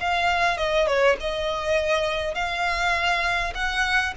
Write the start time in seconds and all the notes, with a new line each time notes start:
0.00 F5
0.58 D#5
0.87 C#5
1.20 D#5
2.35 F5
3.55 F#5